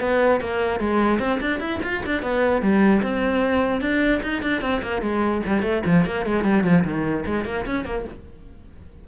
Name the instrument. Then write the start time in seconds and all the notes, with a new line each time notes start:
cello
0.00 B3
0.40 A#3
0.80 G#3
1.19 C4
1.40 D4
1.60 E4
1.83 F4
2.06 D4
2.22 B3
2.61 G3
3.02 C4
3.81 D4
4.22 D#4
4.42 D4
4.61 C4
4.82 A#3
5.01 G#3
5.46 G3
5.62 A3
5.85 F3
6.05 A#3
6.26 G#3
6.44 G3
6.64 F3
6.84 D#3
7.25 G#3
7.45 A#3
7.65 C#4
7.85 A#3